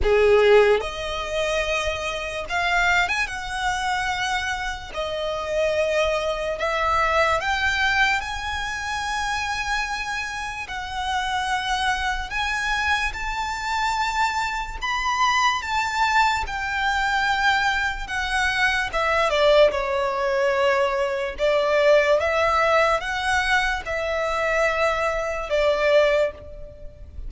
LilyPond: \new Staff \with { instrumentName = "violin" } { \time 4/4 \tempo 4 = 73 gis'4 dis''2 f''8. gis''16 | fis''2 dis''2 | e''4 g''4 gis''2~ | gis''4 fis''2 gis''4 |
a''2 b''4 a''4 | g''2 fis''4 e''8 d''8 | cis''2 d''4 e''4 | fis''4 e''2 d''4 | }